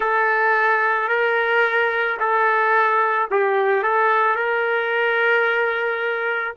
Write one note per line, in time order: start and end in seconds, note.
0.00 1.08 A4
1.08 2.17 A#4
2.19 3.28 A4
3.30 3.82 G4
3.82 4.35 A4
4.35 6.54 A#4